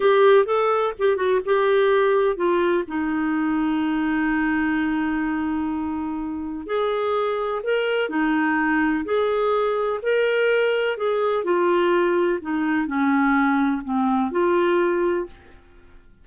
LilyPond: \new Staff \with { instrumentName = "clarinet" } { \time 4/4 \tempo 4 = 126 g'4 a'4 g'8 fis'8 g'4~ | g'4 f'4 dis'2~ | dis'1~ | dis'2 gis'2 |
ais'4 dis'2 gis'4~ | gis'4 ais'2 gis'4 | f'2 dis'4 cis'4~ | cis'4 c'4 f'2 | }